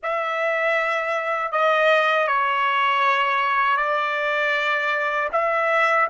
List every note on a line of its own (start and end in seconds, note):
0.02 1.52 E5
1.52 2.28 D#5
2.28 3.76 C#5
3.76 5.28 D5
5.32 6.08 E5